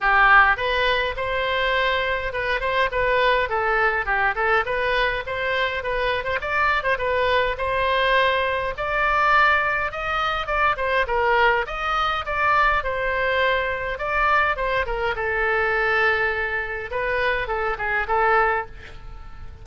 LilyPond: \new Staff \with { instrumentName = "oboe" } { \time 4/4 \tempo 4 = 103 g'4 b'4 c''2 | b'8 c''8 b'4 a'4 g'8 a'8 | b'4 c''4 b'8. c''16 d''8. c''16 | b'4 c''2 d''4~ |
d''4 dis''4 d''8 c''8 ais'4 | dis''4 d''4 c''2 | d''4 c''8 ais'8 a'2~ | a'4 b'4 a'8 gis'8 a'4 | }